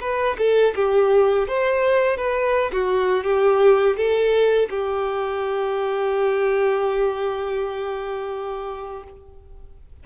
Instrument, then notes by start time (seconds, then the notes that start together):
violin
0.00 B4
0.38 A4
0.75 G4
1.47 C5
2.17 B4
2.72 F#4
3.24 G4
3.96 A4
4.69 G4